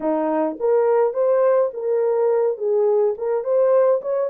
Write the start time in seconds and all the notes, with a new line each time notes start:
0.00 D#4
0.59 A#4
1.13 C5
1.73 A#4
2.57 G#4
3.17 A#4
3.44 C5
4.01 C#5